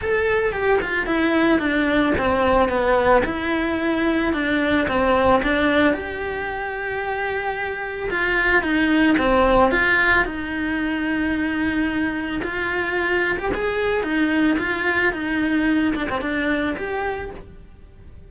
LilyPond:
\new Staff \with { instrumentName = "cello" } { \time 4/4 \tempo 4 = 111 a'4 g'8 f'8 e'4 d'4 | c'4 b4 e'2 | d'4 c'4 d'4 g'4~ | g'2. f'4 |
dis'4 c'4 f'4 dis'4~ | dis'2. f'4~ | f'8. g'16 gis'4 dis'4 f'4 | dis'4. d'16 c'16 d'4 g'4 | }